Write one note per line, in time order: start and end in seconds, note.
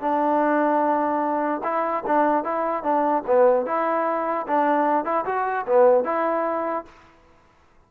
0.00 1.61 D4
1.63 2.03 E4
2.06 2.43 D4
2.43 2.83 E4
2.83 3.23 D4
3.26 3.66 B3
3.66 4.46 E4
4.47 5.04 D4
5.04 5.25 E4
5.25 5.65 F#4
5.66 6.04 B3
6.04 6.85 E4